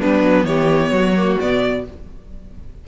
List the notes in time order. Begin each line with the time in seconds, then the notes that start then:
0.00 G3 B3 D4 B4
0.23 F#3
0.45 E3 G4 C#5
0.91 F#3 F#4
1.17 A#3
1.40 B2 B3 D5